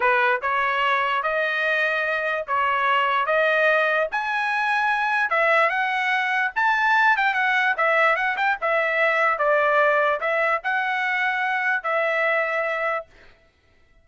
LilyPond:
\new Staff \with { instrumentName = "trumpet" } { \time 4/4 \tempo 4 = 147 b'4 cis''2 dis''4~ | dis''2 cis''2 | dis''2 gis''2~ | gis''4 e''4 fis''2 |
a''4. g''8 fis''4 e''4 | fis''8 g''8 e''2 d''4~ | d''4 e''4 fis''2~ | fis''4 e''2. | }